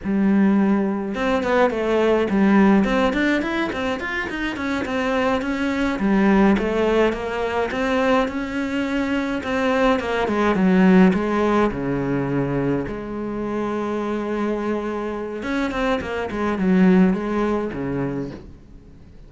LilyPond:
\new Staff \with { instrumentName = "cello" } { \time 4/4 \tempo 4 = 105 g2 c'8 b8 a4 | g4 c'8 d'8 e'8 c'8 f'8 dis'8 | cis'8 c'4 cis'4 g4 a8~ | a8 ais4 c'4 cis'4.~ |
cis'8 c'4 ais8 gis8 fis4 gis8~ | gis8 cis2 gis4.~ | gis2. cis'8 c'8 | ais8 gis8 fis4 gis4 cis4 | }